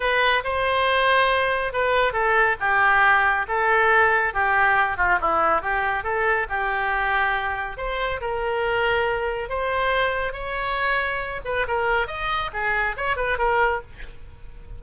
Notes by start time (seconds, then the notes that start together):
0.00 B4
0.44 C5
1.72 B4
2.13 A4
2.60 G4
3.48 A4
4.33 G4
4.97 F4
5.20 E4
5.61 G4
6.03 A4
6.49 G4
7.77 C5
8.20 A#4
9.49 C5
10.32 C#5
11.44 B4
11.67 A#4
12.07 D#5
12.53 G#4
12.96 C#5
13.16 B4
13.38 A#4